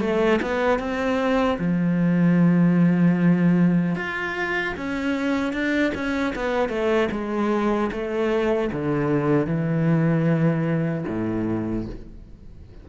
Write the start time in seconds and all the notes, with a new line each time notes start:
0.00 A3
0.41 B3
0.79 C4
1.58 F3
3.95 F4
4.77 C#4
5.52 D4
5.94 C#4
6.35 B3
6.69 A3
7.11 G#3
7.91 A3
8.72 D3
9.46 E3
11.07 A2